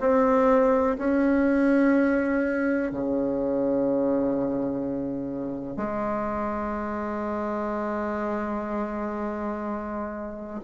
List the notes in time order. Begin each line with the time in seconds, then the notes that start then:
0.00 C4
0.99 C#4
2.92 C#3
5.77 G#3